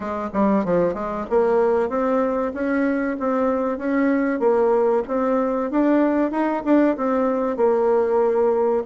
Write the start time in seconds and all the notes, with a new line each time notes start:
0.00 G#3
0.33 G3
0.64 F3
0.94 G#3
1.29 A#3
1.89 C4
2.53 C#4
3.19 C4
3.78 C#4
4.39 A#3
5.07 C4
5.70 D4
6.31 D#4
6.65 D4
6.96 C4
7.56 A#3